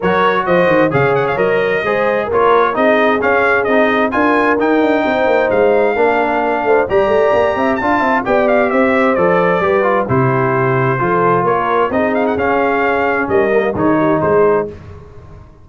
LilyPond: <<
  \new Staff \with { instrumentName = "trumpet" } { \time 4/4 \tempo 4 = 131 cis''4 dis''4 f''8 fis''16 f''16 dis''4~ | dis''4 cis''4 dis''4 f''4 | dis''4 gis''4 g''2 | f''2. ais''4~ |
ais''4 a''4 g''8 f''8 e''4 | d''2 c''2~ | c''4 cis''4 dis''8 f''16 fis''16 f''4~ | f''4 dis''4 cis''4 c''4 | }
  \new Staff \with { instrumentName = "horn" } { \time 4/4 ais'4 c''4 cis''2 | c''4 ais'4 gis'2~ | gis'4 ais'2 c''4~ | c''4 ais'4. c''8 d''4~ |
d''8 e''8 f''8 e''8 d''4 c''4~ | c''4 b'4 g'2 | a'4 ais'4 gis'2~ | gis'4 ais'4 gis'8 g'8 gis'4 | }
  \new Staff \with { instrumentName = "trombone" } { \time 4/4 fis'2 gis'4 ais'4 | gis'4 f'4 dis'4 cis'4 | dis'4 f'4 dis'2~ | dis'4 d'2 g'4~ |
g'4 f'4 g'2 | a'4 g'8 f'8 e'2 | f'2 dis'4 cis'4~ | cis'4. ais8 dis'2 | }
  \new Staff \with { instrumentName = "tuba" } { \time 4/4 fis4 f8 dis8 cis4 fis4 | gis4 ais4 c'4 cis'4 | c'4 d'4 dis'8 d'8 c'8 ais8 | gis4 ais4. a8 g8 a8 |
ais8 c'8 d'8 c'8 b4 c'4 | f4 g4 c2 | f4 ais4 c'4 cis'4~ | cis'4 g4 dis4 gis4 | }
>>